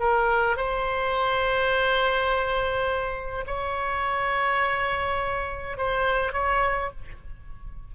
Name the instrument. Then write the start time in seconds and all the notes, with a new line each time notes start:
oboe
0.00 A#4
0.57 C5
3.47 C#5
5.78 C5
6.33 C#5